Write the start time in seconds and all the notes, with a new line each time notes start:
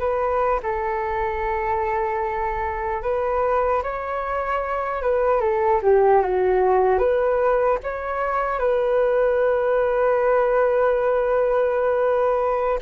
0.00 B4
0.63 A4
3.03 B4
3.83 C#5
5.03 B4
5.41 A4
5.83 G4
6.22 F#4
6.99 B4
7.84 C#5
8.59 B4